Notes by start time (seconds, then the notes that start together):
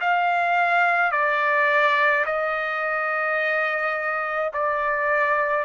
0.00 F5
1.11 D5
2.25 D#5
4.53 D5